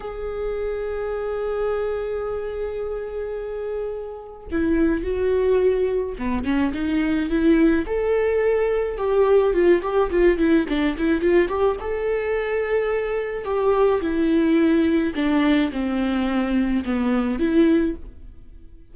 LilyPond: \new Staff \with { instrumentName = "viola" } { \time 4/4 \tempo 4 = 107 gis'1~ | gis'1 | e'4 fis'2 b8 cis'8 | dis'4 e'4 a'2 |
g'4 f'8 g'8 f'8 e'8 d'8 e'8 | f'8 g'8 a'2. | g'4 e'2 d'4 | c'2 b4 e'4 | }